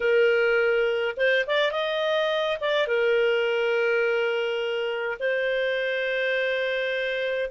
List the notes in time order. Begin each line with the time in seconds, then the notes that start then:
0.00 A#4
1.16 C5
1.46 D5
1.71 D#5
2.60 D5
2.87 A#4
5.19 C5